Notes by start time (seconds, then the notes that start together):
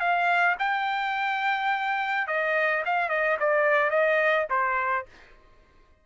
0.00 F5
0.60 G5
2.28 D#5
2.86 F5
3.10 D#5
3.40 D5
3.91 D#5
4.50 C5